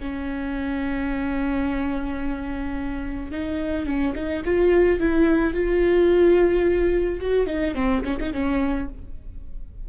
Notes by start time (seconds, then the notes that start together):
0.00 C#4
3.32 D#4
3.87 C#4
4.15 D#4
4.45 F4
5.00 E4
5.54 F4
7.21 F#4
7.47 D#4
7.75 C4
8.05 C#4
8.20 D#4
8.33 C#4